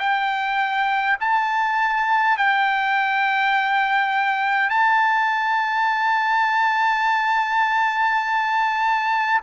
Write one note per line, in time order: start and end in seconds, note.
0.00 1.18 G5
1.21 2.38 A5
2.38 4.70 G5
4.70 9.41 A5